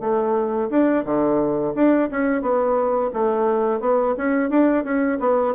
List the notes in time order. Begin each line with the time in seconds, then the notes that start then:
0.00 A3
0.70 D4
1.05 D3
1.75 D4
2.11 C#4
2.41 B3
3.13 A3
3.80 B3
4.17 C#4
4.50 D4
4.84 C#4
5.20 B3